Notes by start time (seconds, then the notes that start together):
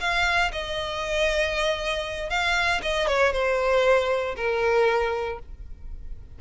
0.00 F5
0.52 D#5
2.30 F5
2.82 D#5
3.07 C#5
3.32 C5
4.36 A#4